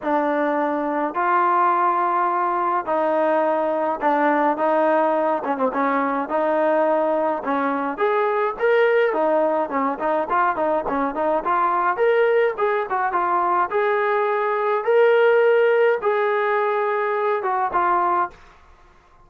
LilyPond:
\new Staff \with { instrumentName = "trombone" } { \time 4/4 \tempo 4 = 105 d'2 f'2~ | f'4 dis'2 d'4 | dis'4. cis'16 c'16 cis'4 dis'4~ | dis'4 cis'4 gis'4 ais'4 |
dis'4 cis'8 dis'8 f'8 dis'8 cis'8 dis'8 | f'4 ais'4 gis'8 fis'8 f'4 | gis'2 ais'2 | gis'2~ gis'8 fis'8 f'4 | }